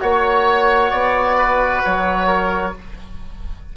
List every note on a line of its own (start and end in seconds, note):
0.00 0.92 A#3
0.00 2.73 F#4
0.00 0.91 C#5
0.00 1.37 C#5
0.91 1.83 B3
0.91 1.82 D5
1.37 2.27 B4
1.84 2.77 F#3
1.84 2.75 C#5
2.27 2.73 A#4